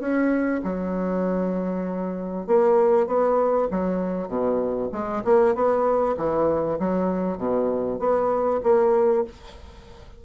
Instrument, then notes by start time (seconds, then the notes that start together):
bassoon
0.00 C#4
0.64 F#3
2.47 A#3
3.07 B3
3.71 F#3
4.28 B2
4.92 G#3
5.24 A#3
5.54 B3
6.17 E3
6.79 F#3
7.38 B2
7.99 B3
8.63 A#3